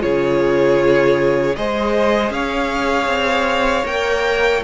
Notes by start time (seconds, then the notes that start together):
0.00 C#3 F4 G#4 C#5
1.56 G#3 G#4 C5 D#5
2.31 C#4 C#5 F5
3.07 C4
3.85 A#3 A#4 G5